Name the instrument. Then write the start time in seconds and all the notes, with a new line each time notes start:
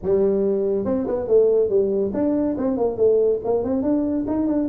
tuba
0.02 G3
0.85 C4
1.07 B3
1.27 A3
1.69 G3
2.13 D4
2.57 C4
2.77 A#3
2.97 A3
3.44 A#3
3.63 C4
3.82 D4
4.27 D#4
4.47 D4